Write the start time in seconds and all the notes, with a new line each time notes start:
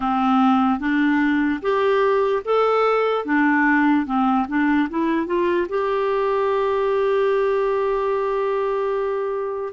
0.00 C4
0.79 D4
1.61 G4
2.44 A4
3.25 D4
4.05 C4
4.48 D4
4.89 E4
5.26 F4
5.68 G4